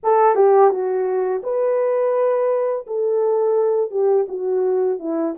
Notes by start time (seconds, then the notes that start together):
0.03 A4
0.35 G4
0.70 F#4
1.43 B4
2.86 A4
3.91 G4
4.28 F#4
4.99 E4